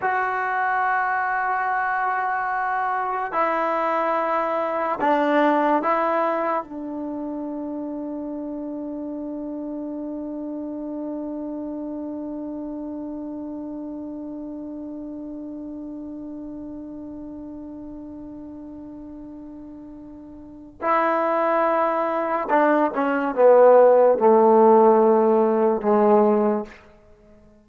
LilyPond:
\new Staff \with { instrumentName = "trombone" } { \time 4/4 \tempo 4 = 72 fis'1 | e'2 d'4 e'4 | d'1~ | d'1~ |
d'1~ | d'1~ | d'4 e'2 d'8 cis'8 | b4 a2 gis4 | }